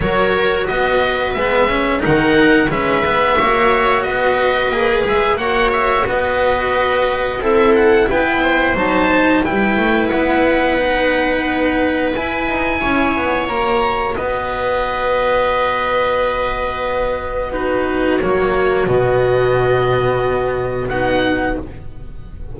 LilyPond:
<<
  \new Staff \with { instrumentName = "oboe" } { \time 4/4 \tempo 4 = 89 cis''4 dis''4 e''4 fis''4 | e''2 dis''4. e''8 | fis''8 e''8 dis''2 e''8 fis''8 | g''4 a''4 g''4 fis''4~ |
fis''2 gis''2 | ais''4 dis''2.~ | dis''2 b'4 cis''4 | dis''2. fis''4 | }
  \new Staff \with { instrumentName = "viola" } { \time 4/4 ais'4 b'2 ais'4 | b'4 cis''4 b'2 | cis''4 b'2 a'4 | b'8 c''4. b'2~ |
b'2. cis''4~ | cis''4 b'2.~ | b'2 fis'2~ | fis'1 | }
  \new Staff \with { instrumentName = "cello" } { \time 4/4 fis'2 b8 cis'8 dis'4 | cis'8 b8 fis'2 gis'4 | fis'2. e'4~ | e'4 dis'4 e'2 |
dis'2 e'2 | fis'1~ | fis'2 dis'4 ais4 | b2. dis'4 | }
  \new Staff \with { instrumentName = "double bass" } { \time 4/4 fis4 b4 gis4 dis4 | gis4 ais4 b4 ais8 gis8 | ais4 b2 c'4 | b4 fis4 g8 a8 b4~ |
b2 e'8 dis'8 cis'8 b8 | ais4 b2.~ | b2. fis4 | b,2. b4 | }
>>